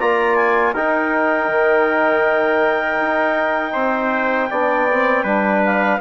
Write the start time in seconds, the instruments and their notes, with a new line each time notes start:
0.00 bassoon A#3, trombone F4, trumpet D5, clarinet A#5
0.36 clarinet G#5
0.74 bassoon D#4, trombone D#4, trumpet A#4, clarinet G5
1.49 bassoon D#3
3.00 bassoon D#4
3.73 bassoon C4, trumpet C5
4.50 bassoon B3, trombone D4, trumpet D5
4.91 trombone C4
5.24 bassoon G3, trombone D4, trumpet B4
5.65 clarinet F5